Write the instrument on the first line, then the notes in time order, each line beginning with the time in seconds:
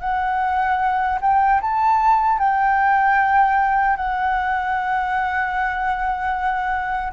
flute
0.00 F#5
1.21 G5
1.61 A5
2.39 G5
3.97 F#5